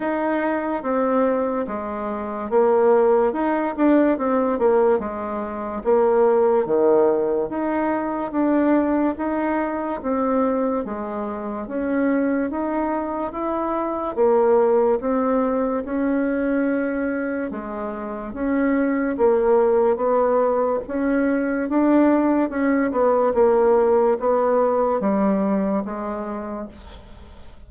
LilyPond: \new Staff \with { instrumentName = "bassoon" } { \time 4/4 \tempo 4 = 72 dis'4 c'4 gis4 ais4 | dis'8 d'8 c'8 ais8 gis4 ais4 | dis4 dis'4 d'4 dis'4 | c'4 gis4 cis'4 dis'4 |
e'4 ais4 c'4 cis'4~ | cis'4 gis4 cis'4 ais4 | b4 cis'4 d'4 cis'8 b8 | ais4 b4 g4 gis4 | }